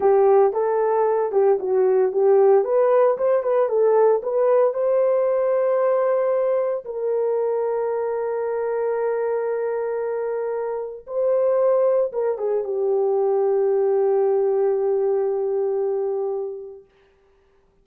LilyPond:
\new Staff \with { instrumentName = "horn" } { \time 4/4 \tempo 4 = 114 g'4 a'4. g'8 fis'4 | g'4 b'4 c''8 b'8 a'4 | b'4 c''2.~ | c''4 ais'2.~ |
ais'1~ | ais'4 c''2 ais'8 gis'8 | g'1~ | g'1 | }